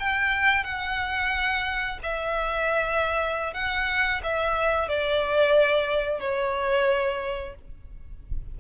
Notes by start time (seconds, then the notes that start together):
0.00 G5
0.64 F#5
2.03 E5
3.54 F#5
4.23 E5
4.89 D5
6.20 C#5